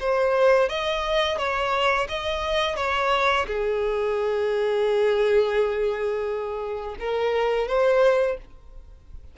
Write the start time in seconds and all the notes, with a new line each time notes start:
0.00 C5
0.69 D#5
1.38 C#5
2.09 D#5
2.77 C#5
3.47 G#4
7.00 A#4
7.68 C5